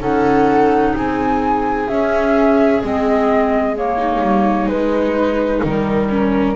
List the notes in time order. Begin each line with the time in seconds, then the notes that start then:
0.00 C#4 D#4 A4 F#5
0.95 C4 G#4 G#5
1.88 C#4 E5
2.82 G#3 C4 D#5
3.75 A#3 C#5
3.97 D#4
4.21 G3
4.67 G#3 B4
5.64 D#3 G3 A#4
6.10 C#4